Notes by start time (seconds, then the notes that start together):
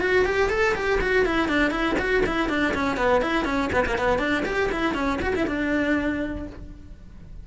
0.00 F#4
0.25 G4
0.49 A4
0.74 G4
1.01 F#4
1.26 E4
1.48 D4
1.70 E4
1.99 F#4
2.26 E4
2.49 D4
2.74 C#4
2.96 B3
3.21 E4
3.44 C#4
3.73 B3
3.86 A#3
3.98 B3
4.18 D4
4.45 G4
4.71 E4
4.94 C#4
5.21 F#4
5.35 E4
5.47 D4